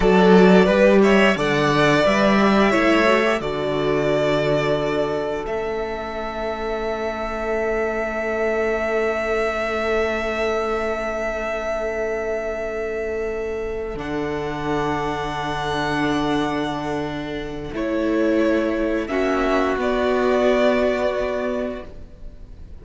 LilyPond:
<<
  \new Staff \with { instrumentName = "violin" } { \time 4/4 \tempo 4 = 88 d''4. e''8 fis''4 e''4~ | e''4 d''2. | e''1~ | e''1~ |
e''1~ | e''8 fis''2.~ fis''8~ | fis''2 cis''2 | e''4 d''2. | }
  \new Staff \with { instrumentName = "violin" } { \time 4/4 a'4 b'8 cis''8 d''2 | cis''4 a'2.~ | a'1~ | a'1~ |
a'1~ | a'1~ | a'1 | fis'1 | }
  \new Staff \with { instrumentName = "viola" } { \time 4/4 fis'4 g'4 a'4 b'8 g'8 | e'8 fis'16 g'16 fis'2. | cis'1~ | cis'1~ |
cis'1~ | cis'8 d'2.~ d'8~ | d'2 e'2 | cis'4 b2. | }
  \new Staff \with { instrumentName = "cello" } { \time 4/4 fis4 g4 d4 g4 | a4 d2. | a1~ | a1~ |
a1~ | a8 d2.~ d8~ | d2 a2 | ais4 b2. | }
>>